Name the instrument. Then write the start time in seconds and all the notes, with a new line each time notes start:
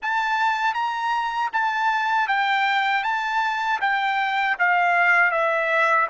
trumpet
0.02 A5
0.74 A#5
1.52 A5
2.28 G5
3.03 A5
3.80 G5
4.58 F5
5.31 E5